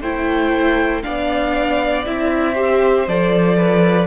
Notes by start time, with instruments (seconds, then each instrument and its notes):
0.00 cello A3, viola E4, violin C5 G5
1.03 cello B3, viola D4, violin D5 F5
2.05 cello C4, viola E4, violin E5
2.54 viola G4, violin C5
3.07 cello F3, viola A4, violin D5
3.57 violin B4